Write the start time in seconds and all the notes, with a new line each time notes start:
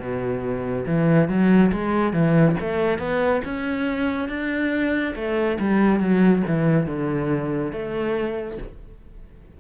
0.00 B2
0.86 E3
1.29 F#3
1.73 G#3
2.14 E3
2.61 A3
2.99 B3
3.45 C#4
4.29 D4
5.16 A3
5.60 G3
6.00 F#3
6.47 E3
6.87 D3
7.73 A3